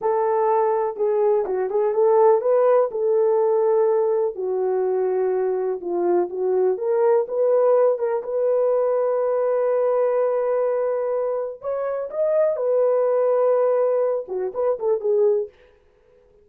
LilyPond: \new Staff \with { instrumentName = "horn" } { \time 4/4 \tempo 4 = 124 a'2 gis'4 fis'8 gis'8 | a'4 b'4 a'2~ | a'4 fis'2. | f'4 fis'4 ais'4 b'4~ |
b'8 ais'8 b'2.~ | b'1 | cis''4 dis''4 b'2~ | b'4. fis'8 b'8 a'8 gis'4 | }